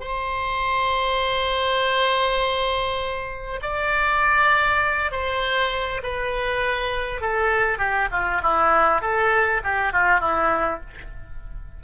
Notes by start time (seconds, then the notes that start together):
0.00 C5
3.62 D5
5.11 C5
6.03 B4
7.21 A4
7.78 G4
8.11 F4
8.42 E4
9.01 A4
9.64 G4
9.92 F4
10.20 E4